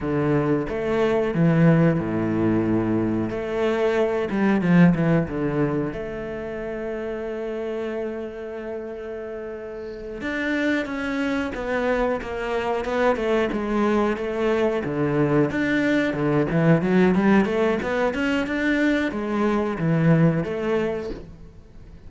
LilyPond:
\new Staff \with { instrumentName = "cello" } { \time 4/4 \tempo 4 = 91 d4 a4 e4 a,4~ | a,4 a4. g8 f8 e8 | d4 a2.~ | a2.~ a8 d'8~ |
d'8 cis'4 b4 ais4 b8 | a8 gis4 a4 d4 d'8~ | d'8 d8 e8 fis8 g8 a8 b8 cis'8 | d'4 gis4 e4 a4 | }